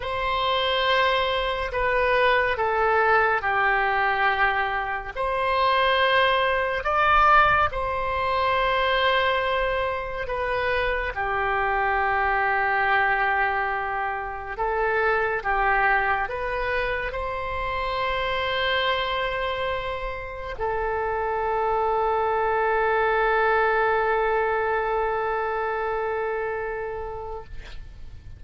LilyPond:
\new Staff \with { instrumentName = "oboe" } { \time 4/4 \tempo 4 = 70 c''2 b'4 a'4 | g'2 c''2 | d''4 c''2. | b'4 g'2.~ |
g'4 a'4 g'4 b'4 | c''1 | a'1~ | a'1 | }